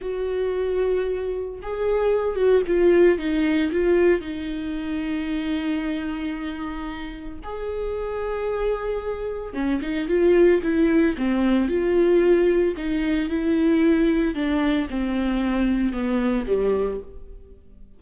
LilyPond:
\new Staff \with { instrumentName = "viola" } { \time 4/4 \tempo 4 = 113 fis'2. gis'4~ | gis'8 fis'8 f'4 dis'4 f'4 | dis'1~ | dis'2 gis'2~ |
gis'2 cis'8 dis'8 f'4 | e'4 c'4 f'2 | dis'4 e'2 d'4 | c'2 b4 g4 | }